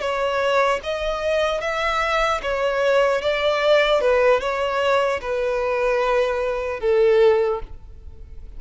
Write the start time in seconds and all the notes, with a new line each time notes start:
0.00 C#5
0.83 D#5
1.61 E5
2.43 C#5
3.22 D5
4.01 B4
4.40 C#5
5.21 B4
6.80 A4